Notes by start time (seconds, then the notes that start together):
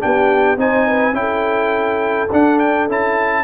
0.00 B3 D4 G4 G5
0.57 C4 D#4 C5 G#5
0.88 B4
1.13 C#4 E4 G5
1.20 A4
2.32 D4 F#5
2.59 G5
2.88 C#4 E4 A5